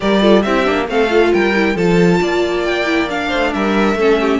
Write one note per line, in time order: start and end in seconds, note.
0.00 0.45 G3
0.00 0.21 G4
0.00 0.21 A#4
0.00 0.42 D5
0.21 0.43 F4
0.21 0.43 A4
0.42 0.67 C4
0.42 0.64 E4
0.42 0.89 G4
0.42 0.86 E5
0.64 0.88 A#3
0.64 0.86 D4
0.87 1.32 A3
0.87 1.09 C4
0.87 1.33 A4
0.87 1.33 F5
1.09 1.53 F4
1.33 1.75 G3
1.33 1.75 A#4
1.33 1.77 G5
1.55 1.77 E4
1.75 2.19 F3
1.75 2.86 F4
1.75 2.19 A4
1.75 2.64 A5
2.21 3.32 A#3
2.21 3.28 D5
2.64 3.08 G5
2.86 3.08 E4
3.08 3.97 D4
3.08 3.53 F5
3.28 3.54 A3
3.28 3.50 C5
3.53 3.94 G3
3.53 3.98 A#4
3.53 4.40 E5
3.94 4.39 A3
3.94 4.40 C#4
3.94 4.20 A4
4.20 4.40 G4